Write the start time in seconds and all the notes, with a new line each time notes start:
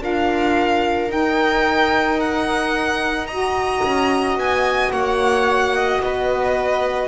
0.00 D4 F4 A#4 F5
1.08 D#4 G5
2.20 F#5
3.27 F#4 D#5 A#5
3.83 C#4
4.37 B3 G#5
4.91 A#3 C#5 F#5
5.76 D#5
6.00 B3 B4 D#5